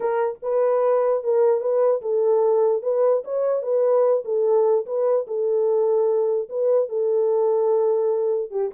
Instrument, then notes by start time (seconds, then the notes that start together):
horn
0.00 A#4
0.42 B4
1.23 A#4
1.60 B4
2.01 A4
2.82 B4
3.24 C#5
3.62 B4
4.25 A4
4.86 B4
5.27 A4
6.49 B4
6.88 A4
8.50 G4